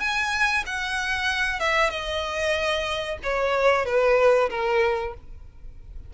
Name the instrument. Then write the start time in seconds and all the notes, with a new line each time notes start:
violin
0.00 G#5
0.66 F#5
1.60 E5
1.90 D#5
3.23 C#5
3.86 B4
4.50 A#4